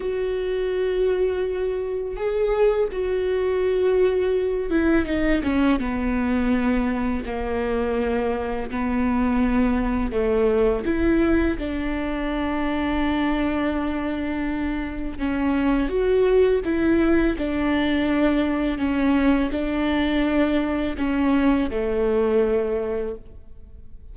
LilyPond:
\new Staff \with { instrumentName = "viola" } { \time 4/4 \tempo 4 = 83 fis'2. gis'4 | fis'2~ fis'8 e'8 dis'8 cis'8 | b2 ais2 | b2 a4 e'4 |
d'1~ | d'4 cis'4 fis'4 e'4 | d'2 cis'4 d'4~ | d'4 cis'4 a2 | }